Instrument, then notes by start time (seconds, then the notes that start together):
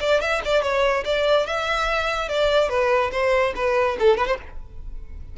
violin
0.00 D5
0.21 E5
0.45 D5
0.63 C#5
1.05 D5
1.47 E5
2.29 D5
2.69 B4
3.12 C5
3.56 B4
3.99 A4
4.17 B4
4.27 C5